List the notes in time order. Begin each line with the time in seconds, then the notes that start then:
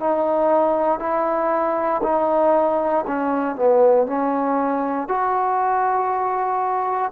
0.00 D#4
1.00 E4
2.03 D#4
3.07 C#4
3.56 B3
4.07 C#4
5.08 F#4